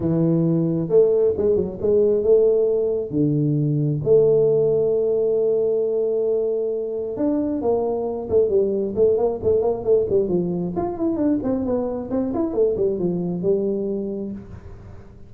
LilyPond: \new Staff \with { instrumentName = "tuba" } { \time 4/4 \tempo 4 = 134 e2 a4 gis8 fis8 | gis4 a2 d4~ | d4 a2.~ | a1 |
d'4 ais4. a8 g4 | a8 ais8 a8 ais8 a8 g8 f4 | f'8 e'8 d'8 c'8 b4 c'8 e'8 | a8 g8 f4 g2 | }